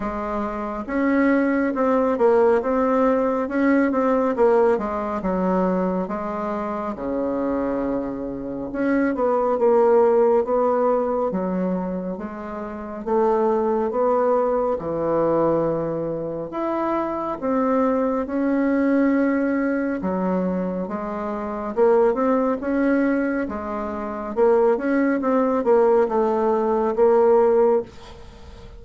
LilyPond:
\new Staff \with { instrumentName = "bassoon" } { \time 4/4 \tempo 4 = 69 gis4 cis'4 c'8 ais8 c'4 | cis'8 c'8 ais8 gis8 fis4 gis4 | cis2 cis'8 b8 ais4 | b4 fis4 gis4 a4 |
b4 e2 e'4 | c'4 cis'2 fis4 | gis4 ais8 c'8 cis'4 gis4 | ais8 cis'8 c'8 ais8 a4 ais4 | }